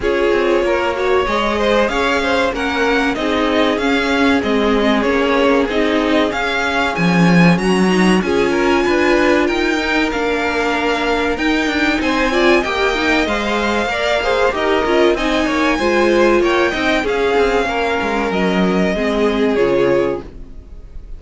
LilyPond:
<<
  \new Staff \with { instrumentName = "violin" } { \time 4/4 \tempo 4 = 95 cis''2 dis''4 f''4 | fis''4 dis''4 f''4 dis''4 | cis''4 dis''4 f''4 gis''4 | ais''4 gis''2 g''4 |
f''2 g''4 gis''4 | g''4 f''2 dis''4 | gis''2 g''4 f''4~ | f''4 dis''2 cis''4 | }
  \new Staff \with { instrumentName = "violin" } { \time 4/4 gis'4 ais'8 cis''4 c''8 cis''8 c''8 | ais'4 gis'2.~ | gis'1 | fis'4 gis'8 ais'8 b'4 ais'4~ |
ais'2. c''8 d''8 | dis''2 d''8 c''8 ais'4 | dis''8 cis''8 c''4 cis''8 dis''8 gis'4 | ais'2 gis'2 | }
  \new Staff \with { instrumentName = "viola" } { \time 4/4 f'4. fis'8 gis'2 | cis'4 dis'4 cis'4 c'4 | cis'4 dis'4 cis'2~ | cis'8 dis'8 f'2~ f'8 dis'8 |
d'2 dis'4. f'8 | g'8 dis'8 c''4 ais'8 gis'8 g'8 f'8 | dis'4 f'4. dis'8 cis'4~ | cis'2 c'4 f'4 | }
  \new Staff \with { instrumentName = "cello" } { \time 4/4 cis'8 c'8 ais4 gis4 cis'4 | ais4 c'4 cis'4 gis4 | ais4 c'4 cis'4 f4 | fis4 cis'4 d'4 dis'4 |
ais2 dis'8 d'8 c'4 | ais4 gis4 ais4 dis'8 cis'8 | c'8 ais8 gis4 ais8 c'8 cis'8 c'8 | ais8 gis8 fis4 gis4 cis4 | }
>>